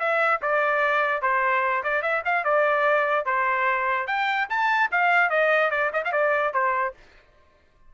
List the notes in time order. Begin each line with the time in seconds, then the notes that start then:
0.00 E5
0.42 D5
1.22 C5
1.84 D5
2.03 E5
2.25 F5
2.45 D5
3.26 C5
4.08 G5
4.50 A5
4.92 F5
5.30 D#5
5.71 D5
5.94 D#5
6.05 F5
6.13 D5
6.54 C5